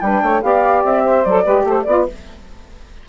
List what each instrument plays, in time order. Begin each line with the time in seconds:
0.00 bassoon G3, saxophone D4 B4, flute G5
0.22 bassoon A3, saxophone C#5
0.41 bassoon B3, saxophone G4 D5, flute F5
0.83 bassoon C4, flute E5
1.03 saxophone C5
1.24 bassoon F#3, saxophone A4, flute D5
1.43 bassoon G#3, saxophone G4 B4
1.64 bassoon A3, saxophone A4, flute C5
1.82 bassoon B3, saxophone F4 D5, flute D5